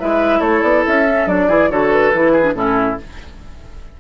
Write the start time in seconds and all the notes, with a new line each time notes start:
0.00 G#3 E4 B4 E5
0.40 A3 A4 C#5
0.62 B3 D5
0.86 C#4 E5
1.08 C#4
1.27 F#3 D4 D5
1.48 E3 E4 G#4
1.70 D3 F#4 A4 C#5
1.92 B4
2.14 E3 E4
2.32 G#4
2.42 D4
2.54 A2 C#4 E4 A4